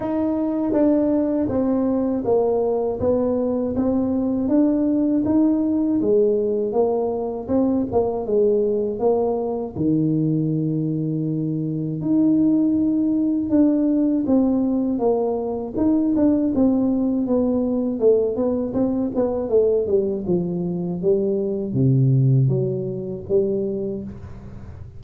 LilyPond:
\new Staff \with { instrumentName = "tuba" } { \time 4/4 \tempo 4 = 80 dis'4 d'4 c'4 ais4 | b4 c'4 d'4 dis'4 | gis4 ais4 c'8 ais8 gis4 | ais4 dis2. |
dis'2 d'4 c'4 | ais4 dis'8 d'8 c'4 b4 | a8 b8 c'8 b8 a8 g8 f4 | g4 c4 fis4 g4 | }